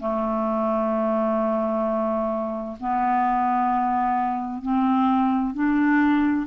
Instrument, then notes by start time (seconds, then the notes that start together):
clarinet
0.00 A3
2.80 B3
4.62 C4
5.54 D4